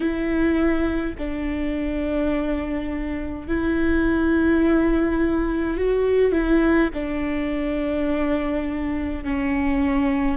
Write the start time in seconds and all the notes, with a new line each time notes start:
0.00 E4
1.18 D4
3.47 E4
5.77 F#4
6.31 E4
6.93 D4
9.24 C#4